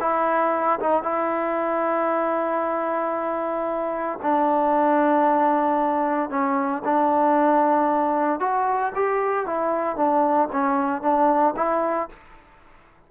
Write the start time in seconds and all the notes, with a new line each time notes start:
0.00 E4
0.79 D#4
1.03 E4
4.22 D4
6.29 C#4
6.84 D4
8.40 F#4
8.95 G4
9.46 E4
9.96 D4
10.52 C#4
11.01 D4
11.56 E4